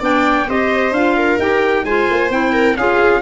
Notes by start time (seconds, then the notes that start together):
0.00 B3 D4 D5 G5
0.49 C4 G4 C5 D#5
0.91 D4 F4 F5
1.17 A#4
1.38 D#4 G4 G5
1.84 G#3 F4 C5 G#5
2.10 A#3
2.30 C4 E4 G5
2.53 A#4
2.77 C#4 F4 G#4 F5